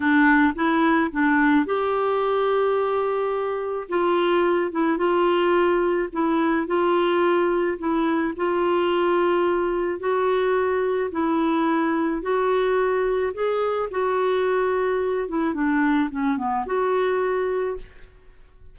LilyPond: \new Staff \with { instrumentName = "clarinet" } { \time 4/4 \tempo 4 = 108 d'4 e'4 d'4 g'4~ | g'2. f'4~ | f'8 e'8 f'2 e'4 | f'2 e'4 f'4~ |
f'2 fis'2 | e'2 fis'2 | gis'4 fis'2~ fis'8 e'8 | d'4 cis'8 b8 fis'2 | }